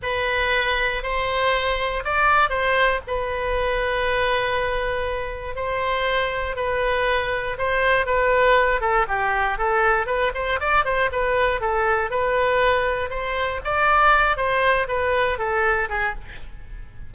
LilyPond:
\new Staff \with { instrumentName = "oboe" } { \time 4/4 \tempo 4 = 119 b'2 c''2 | d''4 c''4 b'2~ | b'2. c''4~ | c''4 b'2 c''4 |
b'4. a'8 g'4 a'4 | b'8 c''8 d''8 c''8 b'4 a'4 | b'2 c''4 d''4~ | d''8 c''4 b'4 a'4 gis'8 | }